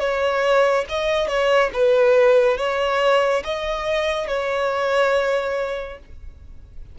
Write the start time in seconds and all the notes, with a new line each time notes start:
0.00 C#5
0.89 D#5
1.28 C#5
1.74 B4
2.58 C#5
3.45 D#5
4.28 C#5